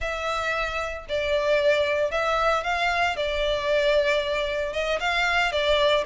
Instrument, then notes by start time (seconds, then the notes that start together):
violin
0.00 E5
1.08 D5
2.11 E5
2.63 F5
3.16 D5
4.72 D#5
5.00 F5
5.51 D5